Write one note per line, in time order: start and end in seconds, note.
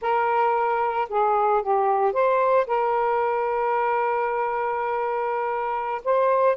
0.01 1.08 A#4
1.09 1.62 G#4
1.62 2.12 G4
2.12 2.66 C5
2.66 6.01 A#4
6.04 6.56 C5